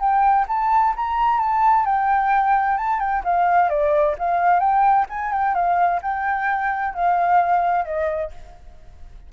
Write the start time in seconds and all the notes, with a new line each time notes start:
0.00 G5
0.48 A5
0.97 A#5
1.40 A5
1.86 G5
2.78 A5
3.00 G5
3.25 F5
3.70 D5
4.19 F5
4.60 G5
5.10 G#5
5.33 G5
5.55 F5
6.03 G5
6.95 F5
7.85 D#5